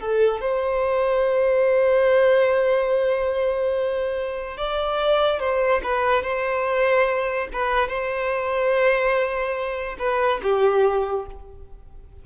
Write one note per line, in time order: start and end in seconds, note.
0.00 0.41 A4
0.41 4.57 C5
4.57 5.39 D5
5.39 5.81 C5
5.83 6.23 B4
6.23 7.48 C5
7.53 7.88 B4
7.88 9.97 C5
9.98 10.40 B4
10.43 11.26 G4